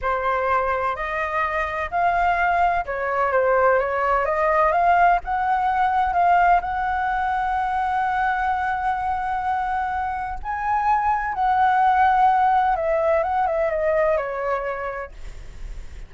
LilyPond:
\new Staff \with { instrumentName = "flute" } { \time 4/4 \tempo 4 = 127 c''2 dis''2 | f''2 cis''4 c''4 | cis''4 dis''4 f''4 fis''4~ | fis''4 f''4 fis''2~ |
fis''1~ | fis''2 gis''2 | fis''2. e''4 | fis''8 e''8 dis''4 cis''2 | }